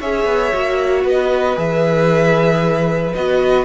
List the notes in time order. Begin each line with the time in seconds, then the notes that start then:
0.00 C#4 G#4 C#5 E5
0.25 B3
0.53 A#3 F#4
1.04 B3 B4 D#5
1.56 E3 G#4 E5
3.14 B3 F#4 D#5